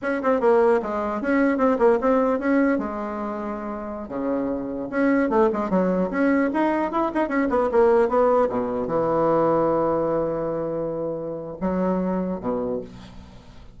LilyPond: \new Staff \with { instrumentName = "bassoon" } { \time 4/4 \tempo 4 = 150 cis'8 c'8 ais4 gis4 cis'4 | c'8 ais8 c'4 cis'4 gis4~ | gis2~ gis16 cis4.~ cis16~ | cis16 cis'4 a8 gis8 fis4 cis'8.~ |
cis'16 dis'4 e'8 dis'8 cis'8 b8 ais8.~ | ais16 b4 b,4 e4.~ e16~ | e1~ | e4 fis2 b,4 | }